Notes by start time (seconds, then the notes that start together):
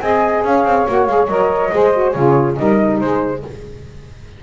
0.00 C4 G#4 D#5 G#5
0.44 C#4 C#5 F5
0.64 C4
0.88 A#3 F#4 F#5
1.06 G#3 G#4 F5
1.27 F#3 A#4 D#5
1.72 G#3 G#4 C5
1.93 F#4
2.10 C#3 F4 G#4 C#5
2.56 G3 D#4 A#4 D#5
2.98 G#3 G#4 C5